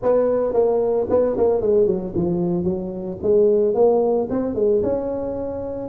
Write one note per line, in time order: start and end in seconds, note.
0.02 0.53 B3
0.53 1.06 A#3
1.09 1.36 B3
1.37 1.61 A#3
1.61 1.86 G#3
1.86 2.13 F#3
2.15 2.64 F3
2.64 3.17 F#3
3.22 3.74 G#3
3.74 4.28 A#3
4.30 4.55 C4
4.55 4.81 G#3
4.83 5.88 C#4